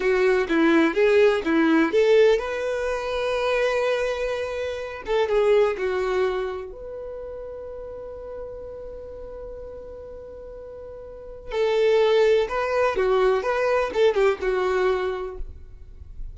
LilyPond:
\new Staff \with { instrumentName = "violin" } { \time 4/4 \tempo 4 = 125 fis'4 e'4 gis'4 e'4 | a'4 b'2.~ | b'2~ b'8 a'8 gis'4 | fis'2 b'2~ |
b'1~ | b'1 | a'2 b'4 fis'4 | b'4 a'8 g'8 fis'2 | }